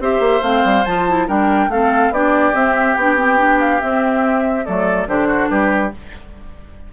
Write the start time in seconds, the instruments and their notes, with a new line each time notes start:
0.00 bassoon C4, clarinet G4, oboe C5, flute E5
0.19 bassoon A#3
0.42 bassoon A3, clarinet C4, flute F5
0.64 bassoon G3
0.85 bassoon F3, clarinet F4, flute A5
1.08 clarinet E4
1.27 bassoon G3, clarinet D4, oboe A#4, flute G5
1.68 bassoon A3, clarinet C4, oboe A4, flute F5
2.10 bassoon B3, clarinet D4, oboe G4, flute D5
2.54 clarinet C4, bassoon C4, flute E5
2.94 bassoon B3, clarinet D4, flute G5
3.16 clarinet C4
3.38 clarinet D4
3.60 flute F5
3.80 clarinet C4, bassoon C4, flute E5
4.65 bassoon F#3, clarinet A3, oboe A4, flute D5
5.07 bassoon D3, clarinet D4, oboe G4, flute C5
5.27 oboe F#4
5.49 bassoon G3, oboe G4, flute B4